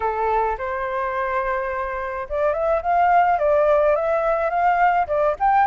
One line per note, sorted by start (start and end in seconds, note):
0.00 0.57 A4
0.58 2.27 C5
2.29 2.53 D5
2.53 2.81 E5
2.82 3.38 F5
3.39 3.95 D5
3.95 4.50 E5
4.50 5.06 F5
5.07 5.35 D5
5.39 5.67 G5